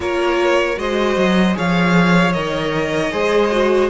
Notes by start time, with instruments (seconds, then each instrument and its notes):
0.00 cello A#3, viola F4, violin A#4 C#5
0.76 cello G#3, viola F#4, violin C5 D#5
1.16 cello F#3
1.53 cello F3, viola G#4, violin C#5 F5
2.32 cello D#3, viola A#4, violin D#5
3.11 cello G#3, viola G#4, violin C5
3.51 viola F#4